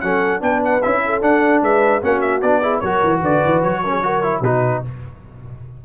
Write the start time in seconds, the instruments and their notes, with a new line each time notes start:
0.00 tuba F#3, trombone C#4, horn A4, trumpet F#5
0.40 tuba B3, trombone D4, horn B4, trumpet G5
0.64 trumpet F#5
0.82 tuba C#4, trombone E4, trumpet E5
1.05 horn A4
1.21 trombone D4, tuba D4, trumpet F#5
1.62 tuba G#3, horn B4, trumpet E5
2.02 tuba A#3, trombone C#4, horn F#4, trumpet F#5
2.21 trumpet E5
2.42 tuba B3, trombone D4, trumpet D5
2.61 trombone E4, horn G#4
2.79 tuba F#3, trombone F#4, horn A#4, trumpet C#5
3.04 tuba E3
3.21 tuba D3, horn B4, trumpet D5
3.45 tuba E3
3.62 tuba F#3, trumpet C#5
3.83 trombone C#4, horn A#4
3.91 horn G#4
4.03 trombone F#4, horn A#4
4.23 trombone E4
4.41 tuba B2, trombone D#4, horn F#4, trumpet B4